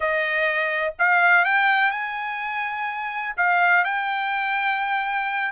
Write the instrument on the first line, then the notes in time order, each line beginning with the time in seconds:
trumpet
0.00 D#5
0.98 F5
1.44 G5
1.90 G#5
3.36 F5
3.84 G5